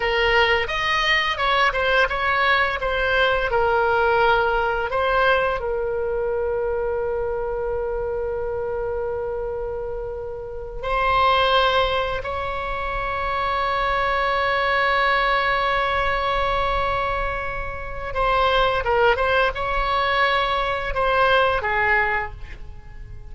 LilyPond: \new Staff \with { instrumentName = "oboe" } { \time 4/4 \tempo 4 = 86 ais'4 dis''4 cis''8 c''8 cis''4 | c''4 ais'2 c''4 | ais'1~ | ais'2.~ ais'8 c''8~ |
c''4. cis''2~ cis''8~ | cis''1~ | cis''2 c''4 ais'8 c''8 | cis''2 c''4 gis'4 | }